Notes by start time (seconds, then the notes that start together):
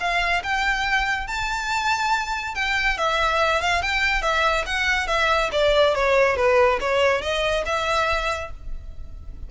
0.00 F5
0.44 G5
1.27 A5
2.55 G5
2.98 E5
3.61 F5
3.82 G5
4.22 E5
4.66 F#5
5.08 E5
5.52 D5
5.95 C#5
6.37 B4
6.81 C#5
7.22 D#5
7.66 E5